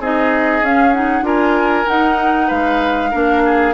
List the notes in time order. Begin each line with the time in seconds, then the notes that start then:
0.00 C4 D#4 G#4 D#5
0.62 C#4 F5
0.94 D#4 F#5
1.22 D4 F4 A#4 G#5
1.87 D#4 F#5
2.48 G#3 B4 F5
3.11 A#3 D4 A#4
3.45 G#4